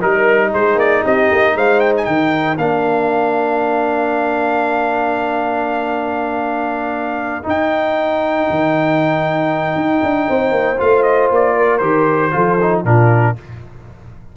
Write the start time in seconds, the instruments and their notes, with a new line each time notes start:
0.00 tuba G3, trombone D#4, horn A#4, trumpet A#4
0.53 tuba G#3, horn G#4, trumpet C5
0.75 tuba A#3, trumpet D5
1.04 tuba C4, horn G4, trumpet D#5
1.31 tuba A#3
1.55 tuba G#3, horn C5, trumpet F5
1.80 trumpet G5
1.97 trumpet G#5
2.05 tuba D#3, horn A#4, trumpet G5
2.58 tuba A#3, trombone D4, trumpet F5
7.43 trombone D#4, tuba D#4, trumpet G5
8.50 tuba D#3
9.76 tuba D#4
10.03 tuba D4
10.28 tuba C4, horn C5
10.51 tuba A#3
10.78 tuba A3, trombone F4, trumpet F5
11.03 trumpet D#5
11.31 tuba A#3, trumpet D5
11.57 horn A#4
11.78 tuba D#3, trombone G4, trumpet C5
12.32 tuba F3, trombone F4, horn A4
12.61 trombone D#4
12.85 tuba A#2, trombone D4, horn F4, trumpet A#4